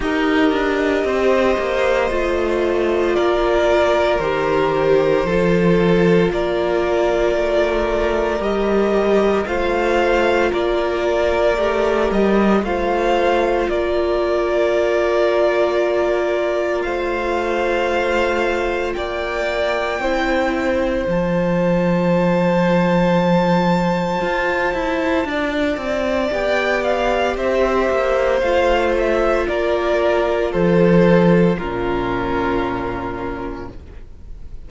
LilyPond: <<
  \new Staff \with { instrumentName = "violin" } { \time 4/4 \tempo 4 = 57 dis''2. d''4 | c''2 d''2 | dis''4 f''4 d''4. dis''8 | f''4 d''2. |
f''2 g''2 | a''1~ | a''4 g''8 f''8 e''4 f''8 e''8 | d''4 c''4 ais'2 | }
  \new Staff \with { instrumentName = "violin" } { \time 4/4 ais'4 c''2 ais'4~ | ais'4 a'4 ais'2~ | ais'4 c''4 ais'2 | c''4 ais'2. |
c''2 d''4 c''4~ | c''1 | d''2 c''2 | ais'4 a'4 f'2 | }
  \new Staff \with { instrumentName = "viola" } { \time 4/4 g'2 f'2 | g'4 f'2. | g'4 f'2 g'4 | f'1~ |
f'2. e'4 | f'1~ | f'4 g'2 f'4~ | f'2 cis'2 | }
  \new Staff \with { instrumentName = "cello" } { \time 4/4 dis'8 d'8 c'8 ais8 a4 ais4 | dis4 f4 ais4 a4 | g4 a4 ais4 a8 g8 | a4 ais2. |
a2 ais4 c'4 | f2. f'8 e'8 | d'8 c'8 b4 c'8 ais8 a4 | ais4 f4 ais,2 | }
>>